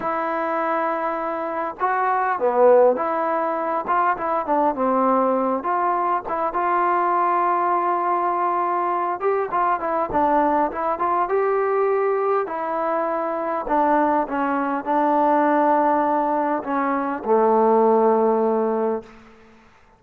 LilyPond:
\new Staff \with { instrumentName = "trombone" } { \time 4/4 \tempo 4 = 101 e'2. fis'4 | b4 e'4. f'8 e'8 d'8 | c'4. f'4 e'8 f'4~ | f'2.~ f'8 g'8 |
f'8 e'8 d'4 e'8 f'8 g'4~ | g'4 e'2 d'4 | cis'4 d'2. | cis'4 a2. | }